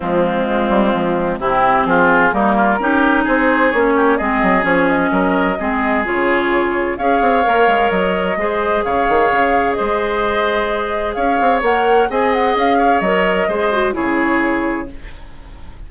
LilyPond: <<
  \new Staff \with { instrumentName = "flute" } { \time 4/4 \tempo 4 = 129 f'2. g'4 | gis'4 ais'2 c''4 | cis''4 dis''4 cis''8 dis''4.~ | dis''4 cis''2 f''4~ |
f''4 dis''2 f''4~ | f''4 dis''2. | f''4 fis''4 gis''8 fis''8 f''4 | dis''2 cis''2 | }
  \new Staff \with { instrumentName = "oboe" } { \time 4/4 c'2. e'4 | f'4 dis'8 f'8 g'4 gis'4~ | gis'8 g'8 gis'2 ais'4 | gis'2. cis''4~ |
cis''2 c''4 cis''4~ | cis''4 c''2. | cis''2 dis''4. cis''8~ | cis''4 c''4 gis'2 | }
  \new Staff \with { instrumentName = "clarinet" } { \time 4/4 gis2. c'4~ | c'4 ais4 dis'2 | cis'4 c'4 cis'2 | c'4 f'2 gis'4 |
ais'2 gis'2~ | gis'1~ | gis'4 ais'4 gis'2 | ais'4 gis'8 fis'8 e'2 | }
  \new Staff \with { instrumentName = "bassoon" } { \time 4/4 f4 gis8 g8 f4 c4 | f4 g4 cis'4 c'4 | ais4 gis8 fis8 f4 fis4 | gis4 cis2 cis'8 c'8 |
ais8 gis8 fis4 gis4 cis8 dis8 | cis4 gis2. | cis'8 c'8 ais4 c'4 cis'4 | fis4 gis4 cis2 | }
>>